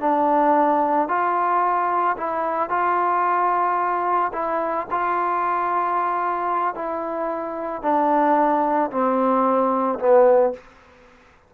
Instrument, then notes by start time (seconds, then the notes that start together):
trombone
0.00 D4
1.08 F4
2.17 E4
2.70 F4
4.33 E4
4.91 F4
6.74 E4
7.82 D4
8.90 C4
9.99 B3